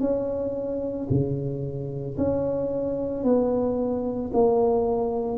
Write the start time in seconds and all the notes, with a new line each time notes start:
0.00 C#4
1.10 C#3
2.17 C#4
3.24 B3
4.33 A#3